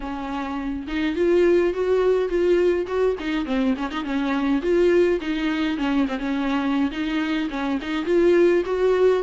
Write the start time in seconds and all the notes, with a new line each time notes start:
0.00 C#4
0.87 D#4
1.15 F4
1.73 F#4
2.28 F4
2.86 F#4
3.19 D#4
3.45 C4
3.76 C#4
3.90 D#4
4.04 C#4
4.62 F4
5.21 D#4
5.77 C#4
6.08 C4
6.18 C#4
6.91 D#4
7.50 C#4
7.81 D#4
8.05 F4
8.65 F#4